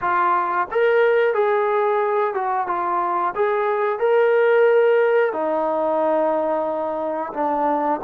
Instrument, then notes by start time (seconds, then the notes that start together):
trombone
0.01 F4
0.71 A#4
1.34 G#4
2.33 F#4
2.67 F4
3.35 G#4
3.99 A#4
5.32 D#4
7.33 D4